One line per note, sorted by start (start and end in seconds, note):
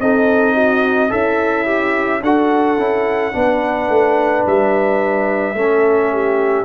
0.00 1.11 C4
0.00 1.09 D#4
0.00 0.54 A4
0.00 1.11 D#5
0.54 1.09 F#4
1.09 2.22 C#4
1.09 2.22 E4
1.09 1.65 A4
1.09 2.22 E5
1.65 2.21 G4
2.22 2.77 D4
2.22 2.78 F#4
2.22 3.33 A4
2.22 4.46 F#5
2.77 3.33 C#4
2.77 3.32 E4
3.32 3.89 B3
3.32 5.55 D4
3.32 5.57 B4
3.89 4.44 A3
4.46 5.54 G3
4.46 6.65 E5
5.54 6.65 A3
5.54 6.65 C#4
5.54 6.12 A4
6.12 6.65 G4